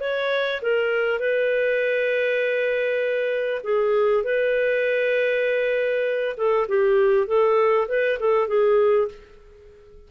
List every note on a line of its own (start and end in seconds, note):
0.00 0.61 C#5
0.62 1.19 A#4
1.19 3.62 B4
3.63 4.24 G#4
4.24 6.36 B4
6.37 6.67 A4
6.68 7.27 G4
7.27 7.87 A4
7.88 8.18 B4
8.19 8.47 A4
8.47 9.08 G#4